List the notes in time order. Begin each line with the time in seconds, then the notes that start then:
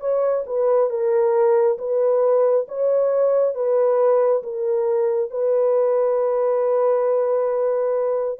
0.00 C#5
0.47 B4
0.90 A#4
1.78 B4
2.68 C#5
3.55 B4
4.43 A#4
5.31 B4